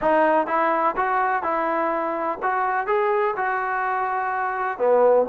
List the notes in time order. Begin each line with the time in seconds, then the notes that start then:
0.01 D#4
0.47 E4
0.96 F#4
1.42 E4
2.42 F#4
2.86 G#4
3.36 F#4
4.78 B3